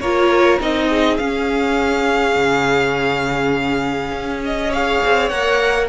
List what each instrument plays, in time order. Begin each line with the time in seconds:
0.00 cello A#3, viola F4, violin A#4 C#5
0.60 cello C4, viola D#4, violin D#5
0.87 violin G#4
1.17 viola C#4, cello C#4, violin F5
2.35 cello C#3
4.11 cello C#4
4.44 violin D#5
4.69 viola G#4, violin C#5 F5
5.04 cello C4
5.29 cello A#3, viola A#4, violin F#5